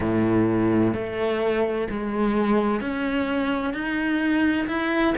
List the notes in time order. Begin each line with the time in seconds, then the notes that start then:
0.00 A2
0.94 A3
1.90 G#3
2.80 C#4
3.73 D#4
4.67 E4